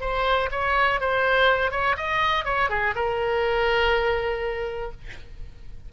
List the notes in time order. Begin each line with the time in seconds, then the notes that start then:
0.00 C5
0.51 C#5
1.00 C5
1.71 C#5
1.96 D#5
2.45 C#5
2.69 G#4
2.95 A#4